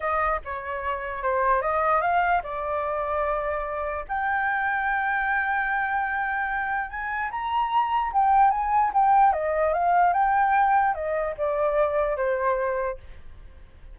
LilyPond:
\new Staff \with { instrumentName = "flute" } { \time 4/4 \tempo 4 = 148 dis''4 cis''2 c''4 | dis''4 f''4 d''2~ | d''2 g''2~ | g''1~ |
g''4 gis''4 ais''2 | g''4 gis''4 g''4 dis''4 | f''4 g''2 dis''4 | d''2 c''2 | }